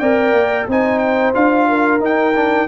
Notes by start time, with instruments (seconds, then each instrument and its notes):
0.00 tuba C4, trombone A#4, horn D5, trumpet G5
0.33 tuba A#3
0.68 tuba C4, trombone D#4, horn C5, trumpet G#5
0.99 trumpet G5
1.34 tuba D4, trombone F4, trumpet F5
1.69 horn A#4
2.01 trombone D#4, tuba D#4, trumpet G5
2.36 trombone D4